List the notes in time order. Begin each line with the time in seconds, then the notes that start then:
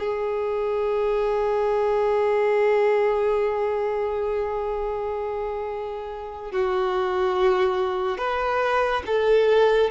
0.00 G#4
6.52 F#4
8.19 B4
9.07 A4